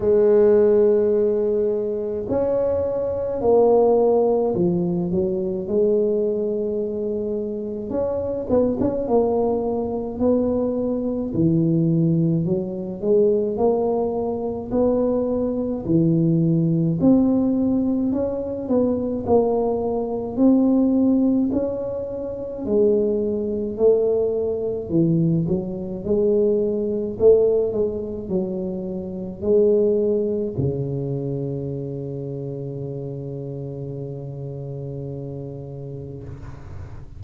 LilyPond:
\new Staff \with { instrumentName = "tuba" } { \time 4/4 \tempo 4 = 53 gis2 cis'4 ais4 | f8 fis8 gis2 cis'8 b16 cis'16 | ais4 b4 e4 fis8 gis8 | ais4 b4 e4 c'4 |
cis'8 b8 ais4 c'4 cis'4 | gis4 a4 e8 fis8 gis4 | a8 gis8 fis4 gis4 cis4~ | cis1 | }